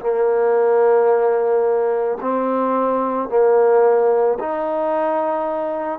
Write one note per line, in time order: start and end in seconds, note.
0.00 2.18 A#3
2.21 3.29 C4
3.29 4.38 A#3
4.39 5.99 D#4